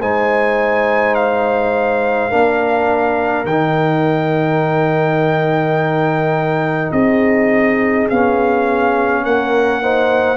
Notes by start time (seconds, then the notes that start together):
0.00 G#3 D#4 C5 G#5
1.15 F5
2.30 A#3 D4 A#4
3.45 D#3 G5
3.51 D#4
6.92 C4 G#4 D#5
8.10 B3 C#4 F5
9.24 A#3 A#4 F#5
9.83 D#4 C5